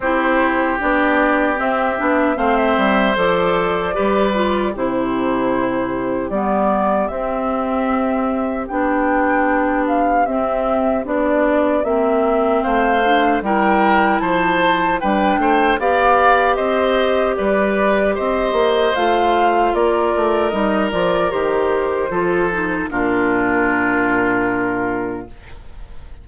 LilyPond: <<
  \new Staff \with { instrumentName = "flute" } { \time 4/4 \tempo 4 = 76 c''4 d''4 e''4 f''16 e''8. | d''2 c''2 | d''4 e''2 g''4~ | g''8 f''8 e''4 d''4 e''4 |
f''4 g''4 a''4 g''4 | f''4 dis''4 d''4 dis''4 | f''4 d''4 dis''8 d''8 c''4~ | c''4 ais'2. | }
  \new Staff \with { instrumentName = "oboe" } { \time 4/4 g'2. c''4~ | c''4 b'4 g'2~ | g'1~ | g'1 |
c''4 ais'4 c''4 b'8 c''8 | d''4 c''4 b'4 c''4~ | c''4 ais'2. | a'4 f'2. | }
  \new Staff \with { instrumentName = "clarinet" } { \time 4/4 e'4 d'4 c'8 d'8 c'4 | a'4 g'8 f'8 e'2 | b4 c'2 d'4~ | d'4 c'4 d'4 c'4~ |
c'8 d'8 e'2 d'4 | g'1 | f'2 dis'8 f'8 g'4 | f'8 dis'8 d'2. | }
  \new Staff \with { instrumentName = "bassoon" } { \time 4/4 c'4 b4 c'8 b8 a8 g8 | f4 g4 c2 | g4 c'2 b4~ | b4 c'4 b4 ais4 |
a4 g4 f4 g8 a8 | b4 c'4 g4 c'8 ais8 | a4 ais8 a8 g8 f8 dis4 | f4 ais,2. | }
>>